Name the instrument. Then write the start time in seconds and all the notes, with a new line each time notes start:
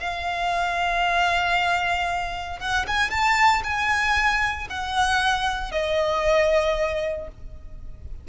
violin
0.00 F5
2.60 F#5
2.87 G#5
3.11 A5
3.64 G#5
4.70 F#5
5.72 D#5